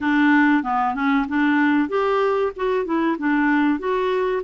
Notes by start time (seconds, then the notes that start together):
0.00 D4
0.63 B3
0.94 C#4
1.28 D4
1.88 G4
2.56 F#4
2.85 E4
3.18 D4
3.79 F#4